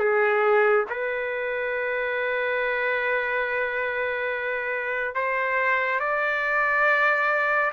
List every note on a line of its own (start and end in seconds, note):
0.00 0.86 G#4
0.90 5.16 B4
5.16 6.00 C5
6.00 7.72 D5